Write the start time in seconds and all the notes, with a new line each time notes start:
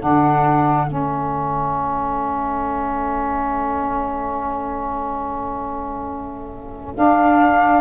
0.00 D3 D4 A4 F#5
0.87 A3 C#4 E5
6.96 D4 F5